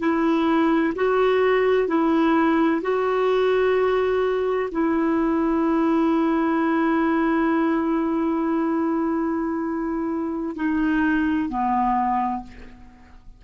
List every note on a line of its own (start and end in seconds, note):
0.00 0.94 E4
0.96 1.88 F#4
1.88 2.82 E4
2.83 4.70 F#4
4.72 10.56 E4
10.56 11.50 D#4
11.50 12.43 B3